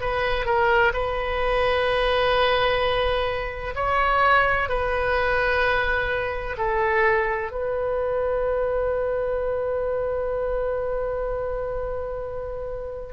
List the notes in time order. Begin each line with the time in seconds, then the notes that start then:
0.00 B4
0.45 A#4
0.93 B4
3.75 C#5
4.69 B4
6.57 A4
7.51 B4